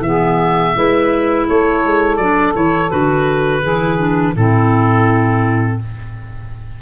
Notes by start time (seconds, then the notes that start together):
0.00 E3 B3 G#4 E5
0.75 G#3 E4 B4
1.47 A3 A4 C#5
1.85 G#3
2.17 F#3 D4 D5
2.54 E3 E4 C#5
2.90 D3 F#4 B4
3.61 E3 E4 G#4
3.98 D4
4.35 A2 C4 E4 A4